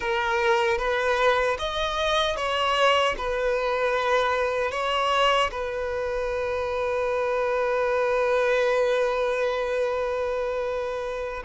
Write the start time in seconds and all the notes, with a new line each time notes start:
0.00 A#4
0.78 B4
1.58 D#5
2.36 C#5
3.17 B4
4.71 C#5
5.51 B4